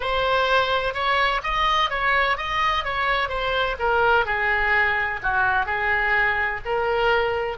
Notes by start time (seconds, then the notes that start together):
0.00 C5
0.94 C#5
1.43 D#5
1.90 C#5
2.37 D#5
2.84 C#5
3.28 C5
3.79 A#4
4.25 G#4
5.22 F#4
5.65 G#4
6.65 A#4